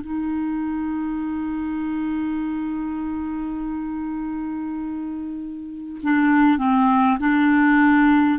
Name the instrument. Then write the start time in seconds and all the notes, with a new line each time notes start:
clarinet
0.00 D#4
6.03 D4
6.57 C4
7.19 D4